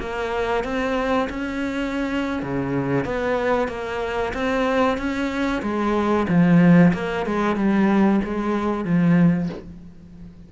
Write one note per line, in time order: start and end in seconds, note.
0.00 0.64 A#3
0.64 1.29 C4
1.30 2.43 C#4
2.43 3.05 C#3
3.05 3.69 B3
3.69 4.33 A#3
4.34 4.98 C4
4.98 5.62 C#4
5.63 6.27 G#3
6.29 6.93 F3
6.94 7.26 A#3
7.26 7.56 G#3
7.56 8.21 G3
8.25 8.85 G#3
8.85 9.50 F3